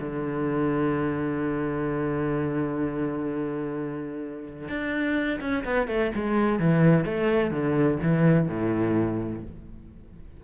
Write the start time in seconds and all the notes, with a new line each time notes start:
0.00 D3
4.69 D4
5.41 C#4
5.64 B3
5.88 A3
6.15 G#3
6.59 E3
7.05 A3
7.51 D3
8.02 E3
8.48 A2